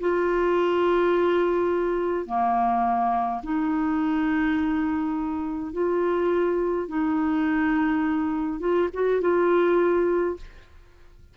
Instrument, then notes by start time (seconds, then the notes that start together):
clarinet
0.00 F4
2.26 A#3
3.42 D#4
5.72 F4
6.88 D#4
8.59 F4
8.93 F#4
9.20 F4